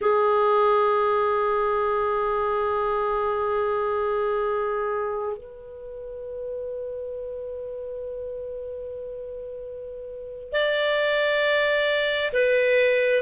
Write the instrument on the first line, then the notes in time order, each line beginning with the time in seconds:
clarinet
0.01 G#4
5.37 B4
10.52 D5
12.33 B4